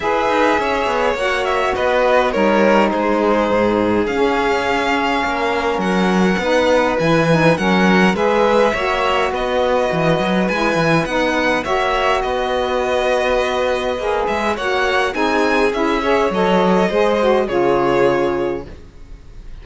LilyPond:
<<
  \new Staff \with { instrumentName = "violin" } { \time 4/4 \tempo 4 = 103 e''2 fis''8 e''8 dis''4 | cis''4 c''2 f''4~ | f''2 fis''2 | gis''4 fis''4 e''2 |
dis''2 gis''4 fis''4 | e''4 dis''2.~ | dis''8 e''8 fis''4 gis''4 e''4 | dis''2 cis''2 | }
  \new Staff \with { instrumentName = "violin" } { \time 4/4 b'4 cis''2 b'4 | ais'4 gis'2.~ | gis'4 ais'2 b'4~ | b'4 ais'4 b'4 cis''4 |
b'1 | cis''4 b'2.~ | b'4 cis''4 gis'4. cis''8~ | cis''4 c''4 gis'2 | }
  \new Staff \with { instrumentName = "saxophone" } { \time 4/4 gis'2 fis'2 | dis'2. cis'4~ | cis'2. dis'4 | e'8 dis'8 cis'4 gis'4 fis'4~ |
fis'2 e'4 dis'4 | fis'1 | gis'4 fis'4 dis'4 e'8 gis'8 | a'4 gis'8 fis'8 f'2 | }
  \new Staff \with { instrumentName = "cello" } { \time 4/4 e'8 dis'8 cis'8 b8 ais4 b4 | g4 gis4 gis,4 cis'4~ | cis'4 ais4 fis4 b4 | e4 fis4 gis4 ais4 |
b4 e8 fis8 gis8 e8 b4 | ais4 b2. | ais8 gis8 ais4 c'4 cis'4 | fis4 gis4 cis2 | }
>>